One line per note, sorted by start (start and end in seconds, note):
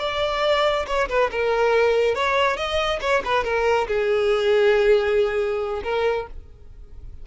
0.00 0.86 D5
0.87 1.09 C#5
1.09 1.31 B4
1.32 2.15 A#4
2.15 2.57 C#5
2.57 3.00 D#5
3.01 3.23 C#5
3.25 3.44 B4
3.44 3.88 A#4
3.88 5.82 G#4
5.84 6.27 A#4